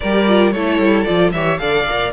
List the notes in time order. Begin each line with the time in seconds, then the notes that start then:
0.00 G3 G4 A#4 D5
0.26 F4
0.51 A3 E4 A4 C#5
0.79 G3
1.04 F3 F4 D5
1.32 E3 G4 C#5 E5
1.58 D3 A4 D5 F5
1.88 A#2 A#4